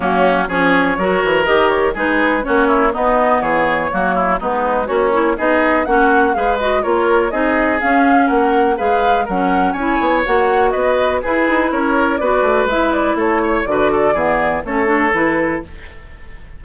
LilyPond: <<
  \new Staff \with { instrumentName = "flute" } { \time 4/4 \tempo 4 = 123 fis'4 cis''2 dis''8 cis''8 | b'4 cis''4 dis''4 cis''4~ | cis''4 b'4 cis''4 dis''4 | fis''4 f''8 dis''8 cis''4 dis''4 |
f''4 fis''4 f''4 fis''4 | gis''4 fis''4 dis''4 b'4 | cis''4 d''4 e''8 d''8 cis''4 | d''2 cis''4 b'4 | }
  \new Staff \with { instrumentName = "oboe" } { \time 4/4 cis'4 gis'4 ais'2 | gis'4 fis'8 e'8 dis'4 gis'4 | fis'8 e'8 dis'4 cis'4 gis'4 | fis'4 b'4 ais'4 gis'4~ |
gis'4 ais'4 b'4 ais'4 | cis''2 b'4 gis'4 | ais'4 b'2 a'8 cis''8 | b'8 a'8 gis'4 a'2 | }
  \new Staff \with { instrumentName = "clarinet" } { \time 4/4 ais4 cis'4 fis'4 g'4 | dis'4 cis'4 b2 | ais4 b4 fis'8 e'8 dis'4 | cis'4 gis'8 fis'8 f'4 dis'4 |
cis'2 gis'4 cis'4 | e'4 fis'2 e'4~ | e'4 fis'4 e'2 | fis'4 b4 cis'8 d'8 e'4 | }
  \new Staff \with { instrumentName = "bassoon" } { \time 4/4 fis4 f4 fis8 e8 dis4 | gis4 ais4 b4 e4 | fis4 gis4 ais4 b4 | ais4 gis4 ais4 c'4 |
cis'4 ais4 gis4 fis4 | cis'8 b8 ais4 b4 e'8 dis'8 | cis'4 b8 a8 gis4 a4 | d4 e4 a4 e4 | }
>>